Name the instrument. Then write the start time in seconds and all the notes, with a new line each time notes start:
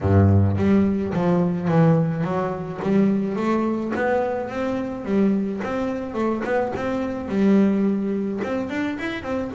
double bass
0.00 G2
0.57 G3
1.13 F3
1.68 E3
2.24 F#3
2.82 G3
3.36 A3
3.95 B3
4.49 C4
5.04 G3
5.63 C4
6.14 A3
6.44 B3
6.75 C4
7.28 G3
8.43 C4
8.69 D4
8.99 E4
9.22 C4